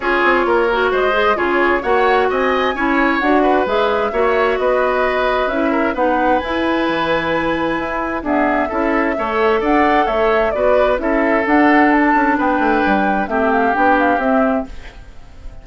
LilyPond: <<
  \new Staff \with { instrumentName = "flute" } { \time 4/4 \tempo 4 = 131 cis''2 dis''4 cis''4 | fis''4 gis''2 fis''4 | e''2 dis''2 | e''4 fis''4 gis''2~ |
gis''2 e''2~ | e''4 fis''4 e''4 d''4 | e''4 fis''4 a''4 g''4~ | g''4 e''8 f''8 g''8 f''8 e''4 | }
  \new Staff \with { instrumentName = "oboe" } { \time 4/4 gis'4 ais'4 c''4 gis'4 | cis''4 dis''4 cis''4. b'8~ | b'4 cis''4 b'2~ | b'8 ais'8 b'2.~ |
b'2 gis'4 a'4 | cis''4 d''4 cis''4 b'4 | a'2. b'4~ | b'4 g'2. | }
  \new Staff \with { instrumentName = "clarinet" } { \time 4/4 f'4. fis'4 gis'8 f'4 | fis'2 e'4 fis'4 | gis'4 fis'2. | e'4 dis'4 e'2~ |
e'2 b4 e'4 | a'2. fis'4 | e'4 d'2.~ | d'4 c'4 d'4 c'4 | }
  \new Staff \with { instrumentName = "bassoon" } { \time 4/4 cis'8 c'8 ais4 gis4 cis4 | ais4 c'4 cis'4 d'4 | gis4 ais4 b2 | cis'4 b4 e'4 e4~ |
e4 e'4 d'4 cis'4 | a4 d'4 a4 b4 | cis'4 d'4. cis'8 b8 a8 | g4 a4 b4 c'4 | }
>>